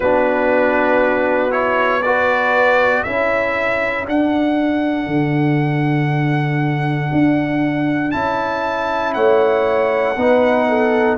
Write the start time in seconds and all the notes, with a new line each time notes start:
0.00 B3 D4 F#4 B4
1.50 E4 C#5
2.02 F#4 B4 D5
3.03 C#4 E4 A4 E5
4.05 D4 F#5
5.06 D3
7.12 D4
8.11 C#4 E4 A5
9.13 A3 C#5 F#5
10.16 B3 D#4 B4
10.68 A4